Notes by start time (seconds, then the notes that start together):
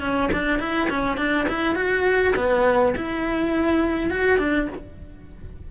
0.00 C#4
0.33 D4
0.59 E4
0.89 C#4
1.17 D4
1.48 E4
1.75 F#4
2.36 B3
2.96 E4
4.10 F#4
4.38 D4